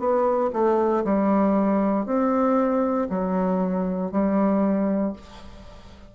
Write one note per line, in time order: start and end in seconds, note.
0.00 0.51 B3
0.54 1.04 A3
1.05 2.07 G3
2.07 3.08 C4
3.10 4.12 F#3
4.12 5.14 G3